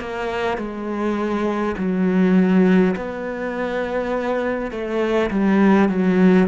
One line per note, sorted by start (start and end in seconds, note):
0.00 0.57 A#3
0.57 1.75 G#3
1.77 2.95 F#3
2.96 4.71 B3
4.71 5.30 A3
5.30 5.89 G3
5.89 6.48 F#3